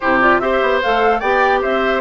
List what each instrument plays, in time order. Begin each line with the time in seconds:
0.00 bassoon C3, clarinet E4, oboe G4, flute C5
0.21 clarinet F4, flute D5
0.39 bassoon C4, clarinet G4, oboe C5, flute E5
0.61 bassoon B3
0.82 bassoon A3, clarinet A4, flute F5
1.19 bassoon B3, clarinet G4, oboe D5, flute G5
1.61 bassoon C4, oboe C5, flute E5